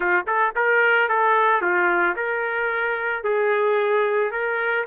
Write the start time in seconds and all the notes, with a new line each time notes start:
0.00 F4
0.27 A4
0.55 A#4
1.08 A4
1.61 F4
2.16 A#4
3.23 G#4
4.31 A#4